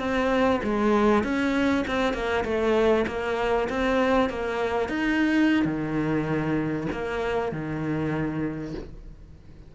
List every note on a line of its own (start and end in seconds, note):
0.00 0.61 C4
0.64 1.24 G#3
1.24 1.85 C#4
1.88 2.14 C4
2.14 2.45 A#3
2.45 3.06 A3
3.08 3.69 A#3
3.70 4.30 C4
4.30 4.89 A#3
4.89 5.65 D#4
5.65 6.88 D#3
6.92 7.53 A#3
7.53 8.75 D#3